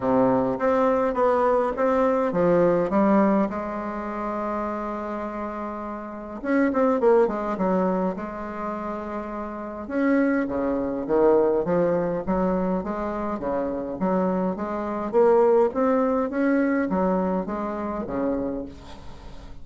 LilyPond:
\new Staff \with { instrumentName = "bassoon" } { \time 4/4 \tempo 4 = 103 c4 c'4 b4 c'4 | f4 g4 gis2~ | gis2. cis'8 c'8 | ais8 gis8 fis4 gis2~ |
gis4 cis'4 cis4 dis4 | f4 fis4 gis4 cis4 | fis4 gis4 ais4 c'4 | cis'4 fis4 gis4 cis4 | }